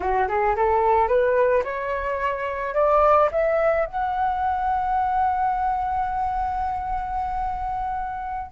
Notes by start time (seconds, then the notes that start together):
0.00 F#4
0.28 G#4
0.56 A4
1.08 B4
1.64 C#5
2.74 D5
3.31 E5
3.86 F#5